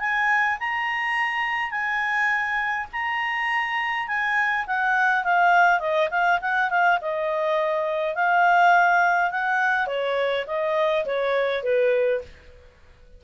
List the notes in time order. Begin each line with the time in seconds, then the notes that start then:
0.00 G#5
0.60 A#5
1.71 G#5
2.93 A#5
4.08 G#5
4.67 F#5
5.24 F5
5.80 D#5
6.11 F5
6.41 F#5
6.70 F5
7.01 D#5
8.15 F5
9.31 F#5
9.87 C#5
10.47 D#5
11.06 C#5
11.64 B4